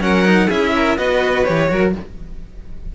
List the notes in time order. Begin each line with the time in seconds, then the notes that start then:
0.00 F#3 C#4 A#4 F#5
0.25 D#4
0.47 C#4 E4 G#4 E5
0.76 A#4
0.97 B3 F#4 B4 D#5
1.44 E3 G4 C#5
1.68 F#3 F#4 A#4